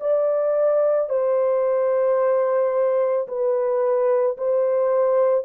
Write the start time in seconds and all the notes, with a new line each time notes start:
0.00 D5
1.09 C5
3.28 B4
4.37 C5